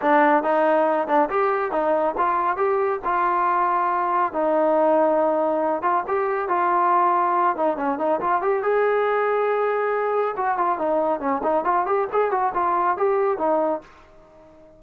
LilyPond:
\new Staff \with { instrumentName = "trombone" } { \time 4/4 \tempo 4 = 139 d'4 dis'4. d'8 g'4 | dis'4 f'4 g'4 f'4~ | f'2 dis'2~ | dis'4. f'8 g'4 f'4~ |
f'4. dis'8 cis'8 dis'8 f'8 g'8 | gis'1 | fis'8 f'8 dis'4 cis'8 dis'8 f'8 g'8 | gis'8 fis'8 f'4 g'4 dis'4 | }